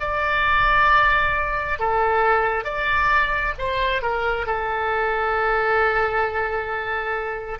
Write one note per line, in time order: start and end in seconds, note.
0.00 1.79 D5
1.80 2.65 A4
2.65 3.54 D5
3.58 4.02 C5
4.02 4.47 A#4
4.47 7.60 A4